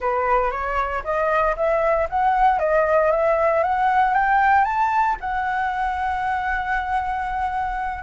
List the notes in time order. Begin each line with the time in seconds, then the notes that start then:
0.00 B4
0.51 C#5
1.04 D#5
1.56 E5
2.09 F#5
2.59 D#5
3.11 E5
3.63 F#5
4.14 G5
4.64 A5
5.20 F#5